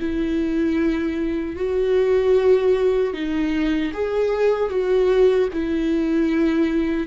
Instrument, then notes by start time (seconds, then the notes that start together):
viola
0.00 E4
1.56 F#4
3.14 D#4
3.94 G#4
4.70 F#4
5.53 E4